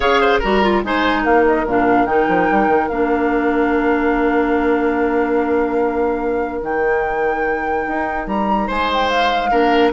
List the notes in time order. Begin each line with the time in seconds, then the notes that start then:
0.00 C#3 G#4 C#5 F5
0.21 C5
0.39 G3 F#4 A#4 A#5
0.62 F4
0.83 G#3 D#4 C5 G#5
1.22 A#3 A#4 F5
1.46 D#5
1.65 A#2 D4 F5
2.05 D#3 D#4 G5
2.28 F3
2.50 G3
2.67 D#3
2.88 A#3 D4 F5
6.61 D#3 D#4 G5
7.87 D#4
8.26 G3 A#5
8.67 G#3 C5 G#5
8.93 G5
9.09 F5
9.51 A#3 D4 A#4